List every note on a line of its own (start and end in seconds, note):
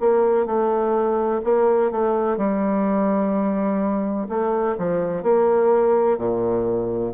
0.00 0.46 A#3
0.46 1.41 A3
1.44 1.91 A#3
1.91 2.37 A3
2.37 4.28 G3
4.29 4.77 A3
4.78 5.23 F3
5.23 6.18 A#3
6.18 7.13 A#2